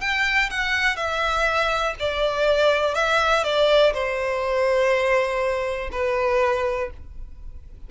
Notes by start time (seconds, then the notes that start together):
0.00 G5
0.50 F#5
0.96 E5
1.99 D5
2.94 E5
3.43 D5
3.93 C5
5.92 B4